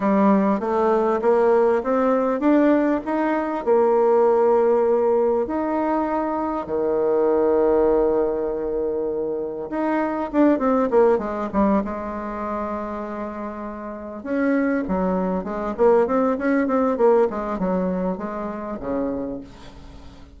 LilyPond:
\new Staff \with { instrumentName = "bassoon" } { \time 4/4 \tempo 4 = 99 g4 a4 ais4 c'4 | d'4 dis'4 ais2~ | ais4 dis'2 dis4~ | dis1 |
dis'4 d'8 c'8 ais8 gis8 g8 gis8~ | gis2.~ gis8 cis'8~ | cis'8 fis4 gis8 ais8 c'8 cis'8 c'8 | ais8 gis8 fis4 gis4 cis4 | }